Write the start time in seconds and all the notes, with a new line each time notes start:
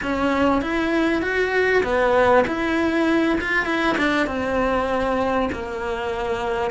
0.02 C#4
0.61 E4
1.21 F#4
1.83 B3
2.47 E4
3.41 F4
3.65 E4
3.97 D4
4.26 C4
5.52 A#3